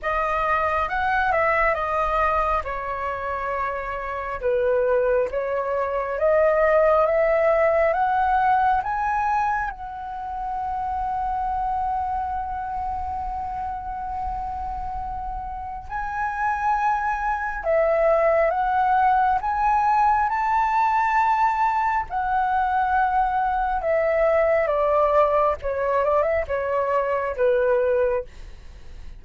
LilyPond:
\new Staff \with { instrumentName = "flute" } { \time 4/4 \tempo 4 = 68 dis''4 fis''8 e''8 dis''4 cis''4~ | cis''4 b'4 cis''4 dis''4 | e''4 fis''4 gis''4 fis''4~ | fis''1~ |
fis''2 gis''2 | e''4 fis''4 gis''4 a''4~ | a''4 fis''2 e''4 | d''4 cis''8 d''16 e''16 cis''4 b'4 | }